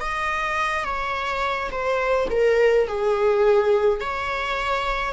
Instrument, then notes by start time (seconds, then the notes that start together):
viola
0.00 D#5
0.84 C#5
1.71 C5
2.30 A#4
2.87 G#4
4.00 C#5